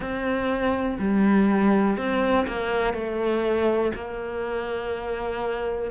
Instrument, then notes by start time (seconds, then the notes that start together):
cello
0.00 C4
0.98 G3
1.97 C4
2.47 A#3
2.93 A3
3.94 A#3